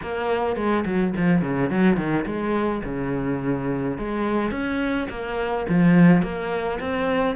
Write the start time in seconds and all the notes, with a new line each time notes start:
0.02 A#3
0.56 G#3
0.85 F#3
1.16 F3
1.42 C#3
1.70 F#3
1.96 D#3
2.26 G#3
2.84 C#3
3.98 G#3
4.51 C#4
5.09 A#3
5.68 F3
6.22 A#3
6.80 C4